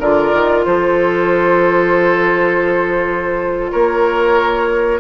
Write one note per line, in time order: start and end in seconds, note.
0.00 0.32 D3
0.00 5.00 F4
0.00 0.65 A#4
0.00 0.65 D5
0.33 0.65 D#3
0.65 3.72 F3
0.65 3.72 A4
0.65 3.71 C5
3.71 5.00 A#3
3.71 5.00 A#4
3.71 5.00 C#5